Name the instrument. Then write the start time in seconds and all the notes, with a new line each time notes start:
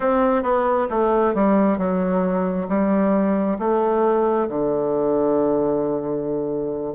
bassoon
0.00 C4
0.42 B3
0.90 A3
1.34 G3
1.78 F#3
2.68 G3
3.58 A3
4.49 D3